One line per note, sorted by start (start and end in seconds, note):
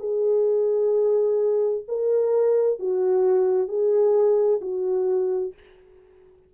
0.00 1.85 G#4
1.88 2.79 A#4
2.79 3.68 F#4
3.68 4.61 G#4
4.62 5.54 F#4